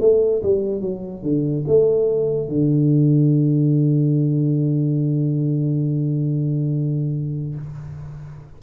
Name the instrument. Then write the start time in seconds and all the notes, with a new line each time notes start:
tuba
0.00 A3
0.43 G3
0.81 F#3
1.23 D3
1.67 A3
2.49 D3